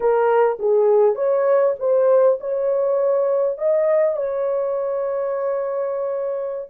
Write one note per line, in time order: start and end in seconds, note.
0.00 0.58 A#4
0.59 1.15 G#4
1.15 1.74 C#5
1.79 2.38 C5
2.40 3.58 C#5
3.58 4.16 D#5
4.16 6.68 C#5